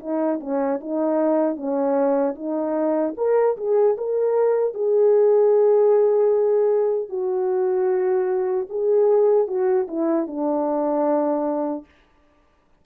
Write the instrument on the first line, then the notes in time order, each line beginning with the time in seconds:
horn
0.00 D#4
0.41 C#4
0.81 D#4
1.56 C#4
2.36 D#4
3.17 A#4
3.57 G#4
3.98 A#4
4.74 G#4
7.09 F#4
8.70 G#4
9.48 F#4
9.88 E4
10.27 D4